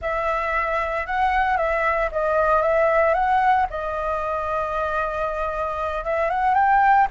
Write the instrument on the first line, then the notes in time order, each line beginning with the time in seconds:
flute
0.01 E5
1.06 F#5
1.57 E5
2.11 D#5
2.61 E5
3.13 F#5
3.69 D#5
6.04 E5
6.30 F#5
6.54 G5